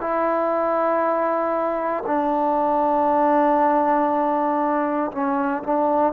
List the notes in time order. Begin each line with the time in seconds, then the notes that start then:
0.00 E4
2.06 D4
5.11 C#4
5.63 D4